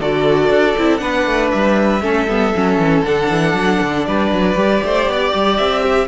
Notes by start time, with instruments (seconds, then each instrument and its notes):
0.00 cello D3, viola F#4, violin A4 D5
0.49 cello D4
0.77 cello C4, viola E4
0.98 cello B3, viola D4, violin B4 F#5
1.26 cello A3
1.51 cello G3, violin E5
2.02 cello A3, viola C#4, violin A4
2.27 cello G3, viola B3
2.55 cello F#3, viola C#4
2.78 cello E3
3.04 cello D3, viola D4, violin F#5
3.30 cello E3
3.54 cello F#3
3.82 cello D3
4.05 cello G3, violin B4 D5
4.31 cello F#3
4.56 cello G3, viola G4
4.84 cello A3, violin C5
5.07 cello B3, violin D5
5.34 cello G3
5.57 cello C4, violin E5
5.83 violin G4